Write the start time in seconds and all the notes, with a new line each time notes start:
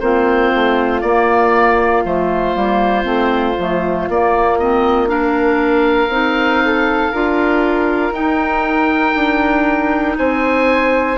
0.00 A#3 C4 F4 C5
0.54 A3
1.01 A#3 D5
2.04 F3 A3 C5
2.55 G3 A#3
3.04 A3 C4
3.59 F3 A3
4.09 A#3 D5
4.59 C4 D#5
5.07 D4 A#4 F5
6.08 C4 D#4
6.65 A4
7.12 D4 F4 A#4
8.11 D#4 G5
9.15 D4
10.18 C4 C5 G#5